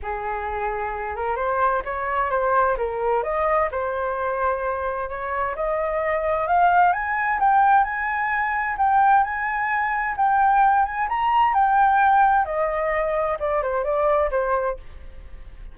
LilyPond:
\new Staff \with { instrumentName = "flute" } { \time 4/4 \tempo 4 = 130 gis'2~ gis'8 ais'8 c''4 | cis''4 c''4 ais'4 dis''4 | c''2. cis''4 | dis''2 f''4 gis''4 |
g''4 gis''2 g''4 | gis''2 g''4. gis''8 | ais''4 g''2 dis''4~ | dis''4 d''8 c''8 d''4 c''4 | }